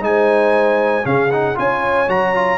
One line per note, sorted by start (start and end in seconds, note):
0.00 1.03 G#3
0.00 1.03 D#4
0.00 1.06 G#5
0.06 1.07 C5
1.03 1.56 C#3
1.03 1.29 C#4
1.03 1.58 G#4
1.03 1.31 F5
1.31 1.55 D#4
1.31 1.57 F#5
1.55 2.07 C#4
1.55 2.06 F4
1.55 2.58 C#5
1.55 2.09 G#5
2.07 2.58 F#3
2.07 2.34 F#4
2.07 2.58 A#5
2.34 2.58 F4